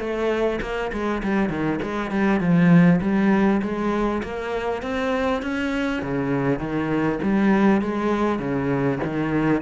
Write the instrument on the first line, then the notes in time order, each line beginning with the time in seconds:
cello
0.00 A3
0.62 A#3
0.93 G#3
1.23 G3
1.50 D#3
1.82 G#3
2.11 G3
2.40 F3
3.02 G3
3.62 G#3
4.23 A#3
4.82 C4
5.42 C#4
6.03 C#3
6.59 D#3
7.23 G3
7.82 G#3
8.39 C#3
9.04 D#3